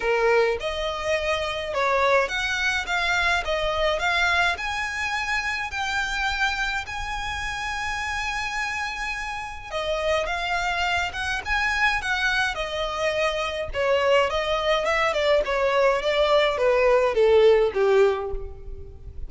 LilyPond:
\new Staff \with { instrumentName = "violin" } { \time 4/4 \tempo 4 = 105 ais'4 dis''2 cis''4 | fis''4 f''4 dis''4 f''4 | gis''2 g''2 | gis''1~ |
gis''4 dis''4 f''4. fis''8 | gis''4 fis''4 dis''2 | cis''4 dis''4 e''8 d''8 cis''4 | d''4 b'4 a'4 g'4 | }